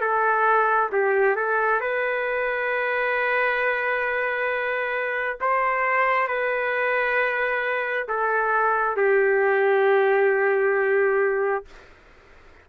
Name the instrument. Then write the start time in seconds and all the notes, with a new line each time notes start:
trumpet
0.00 A4
0.92 G4
1.36 A4
1.80 B4
5.40 C5
6.27 B4
8.08 A4
8.96 G4